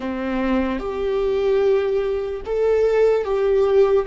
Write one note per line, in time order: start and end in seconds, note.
0.00 0.79 C4
0.79 2.41 G4
2.45 3.24 A4
3.24 4.05 G4